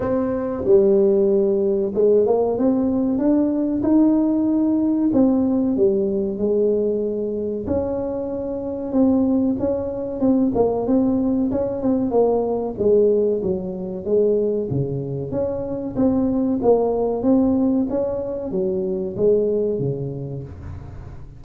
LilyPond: \new Staff \with { instrumentName = "tuba" } { \time 4/4 \tempo 4 = 94 c'4 g2 gis8 ais8 | c'4 d'4 dis'2 | c'4 g4 gis2 | cis'2 c'4 cis'4 |
c'8 ais8 c'4 cis'8 c'8 ais4 | gis4 fis4 gis4 cis4 | cis'4 c'4 ais4 c'4 | cis'4 fis4 gis4 cis4 | }